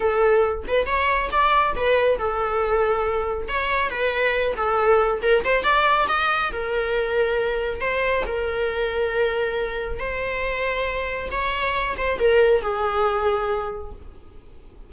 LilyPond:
\new Staff \with { instrumentName = "viola" } { \time 4/4 \tempo 4 = 138 a'4. b'8 cis''4 d''4 | b'4 a'2. | cis''4 b'4. a'4. | ais'8 c''8 d''4 dis''4 ais'4~ |
ais'2 c''4 ais'4~ | ais'2. c''4~ | c''2 cis''4. c''8 | ais'4 gis'2. | }